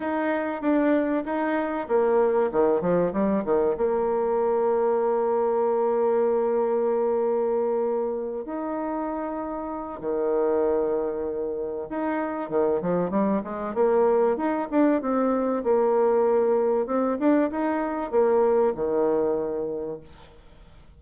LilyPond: \new Staff \with { instrumentName = "bassoon" } { \time 4/4 \tempo 4 = 96 dis'4 d'4 dis'4 ais4 | dis8 f8 g8 dis8 ais2~ | ais1~ | ais4. dis'2~ dis'8 |
dis2. dis'4 | dis8 f8 g8 gis8 ais4 dis'8 d'8 | c'4 ais2 c'8 d'8 | dis'4 ais4 dis2 | }